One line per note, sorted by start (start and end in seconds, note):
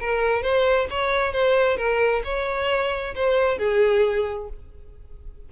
0.00 0.42 A#4
0.42 0.88 C5
0.90 1.33 C#5
1.33 1.77 C5
1.77 2.22 A#4
2.25 3.15 C#5
3.15 3.58 C5
3.58 4.48 G#4